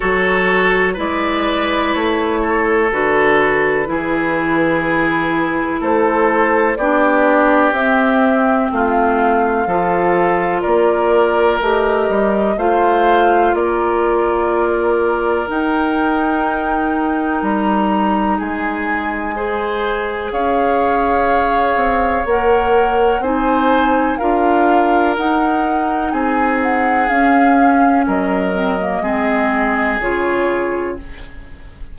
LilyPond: <<
  \new Staff \with { instrumentName = "flute" } { \time 4/4 \tempo 4 = 62 cis''4 d''4 cis''4 b'4~ | b'2 c''4 d''4 | e''4 f''2 d''4 | dis''4 f''4 d''2 |
g''2 ais''4 gis''4~ | gis''4 f''2 fis''4 | gis''4 f''4 fis''4 gis''8 fis''8 | f''4 dis''2 cis''4 | }
  \new Staff \with { instrumentName = "oboe" } { \time 4/4 a'4 b'4. a'4. | gis'2 a'4 g'4~ | g'4 f'4 a'4 ais'4~ | ais'4 c''4 ais'2~ |
ais'2. gis'4 | c''4 cis''2. | c''4 ais'2 gis'4~ | gis'4 ais'4 gis'2 | }
  \new Staff \with { instrumentName = "clarinet" } { \time 4/4 fis'4 e'2 fis'4 | e'2. d'4 | c'2 f'2 | g'4 f'2. |
dis'1 | gis'2. ais'4 | dis'4 f'4 dis'2 | cis'4. c'16 ais16 c'4 f'4 | }
  \new Staff \with { instrumentName = "bassoon" } { \time 4/4 fis4 gis4 a4 d4 | e2 a4 b4 | c'4 a4 f4 ais4 | a8 g8 a4 ais2 |
dis'2 g4 gis4~ | gis4 cis'4. c'8 ais4 | c'4 d'4 dis'4 c'4 | cis'4 fis4 gis4 cis4 | }
>>